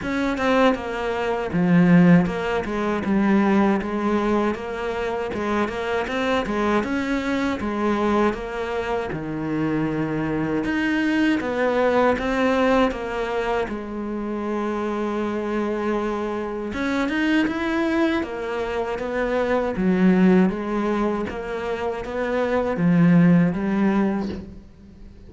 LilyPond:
\new Staff \with { instrumentName = "cello" } { \time 4/4 \tempo 4 = 79 cis'8 c'8 ais4 f4 ais8 gis8 | g4 gis4 ais4 gis8 ais8 | c'8 gis8 cis'4 gis4 ais4 | dis2 dis'4 b4 |
c'4 ais4 gis2~ | gis2 cis'8 dis'8 e'4 | ais4 b4 fis4 gis4 | ais4 b4 f4 g4 | }